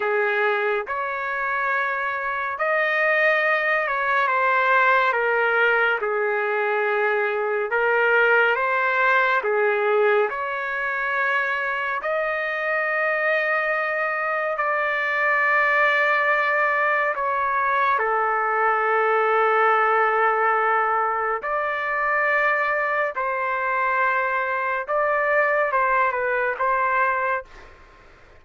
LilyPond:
\new Staff \with { instrumentName = "trumpet" } { \time 4/4 \tempo 4 = 70 gis'4 cis''2 dis''4~ | dis''8 cis''8 c''4 ais'4 gis'4~ | gis'4 ais'4 c''4 gis'4 | cis''2 dis''2~ |
dis''4 d''2. | cis''4 a'2.~ | a'4 d''2 c''4~ | c''4 d''4 c''8 b'8 c''4 | }